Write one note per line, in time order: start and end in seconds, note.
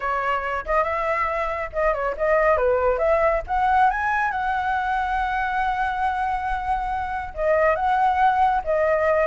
0.00 0.65 C#5
0.65 0.83 D#5
0.83 1.70 E5
1.72 1.93 D#5
1.93 2.15 C#5
2.17 2.57 D#5
2.57 2.98 B4
2.98 3.41 E5
3.47 3.90 F#5
3.90 4.31 G#5
4.31 7.33 F#5
7.34 7.75 D#5
7.75 8.62 F#5
8.64 9.27 D#5